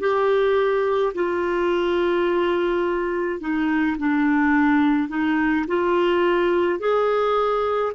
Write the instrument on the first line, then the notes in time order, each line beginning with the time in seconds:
clarinet
0.00 G4
1.14 F4
3.40 D#4
3.98 D4
5.09 D#4
5.68 F4
6.80 G#4